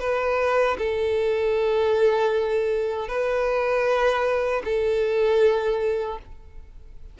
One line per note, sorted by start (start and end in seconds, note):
0.00 0.77 B4
0.78 3.08 A4
3.08 4.62 B4
4.65 6.19 A4